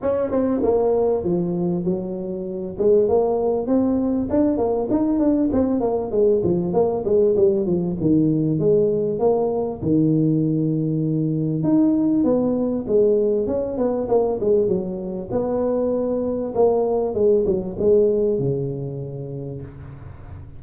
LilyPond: \new Staff \with { instrumentName = "tuba" } { \time 4/4 \tempo 4 = 98 cis'8 c'8 ais4 f4 fis4~ | fis8 gis8 ais4 c'4 d'8 ais8 | dis'8 d'8 c'8 ais8 gis8 f8 ais8 gis8 | g8 f8 dis4 gis4 ais4 |
dis2. dis'4 | b4 gis4 cis'8 b8 ais8 gis8 | fis4 b2 ais4 | gis8 fis8 gis4 cis2 | }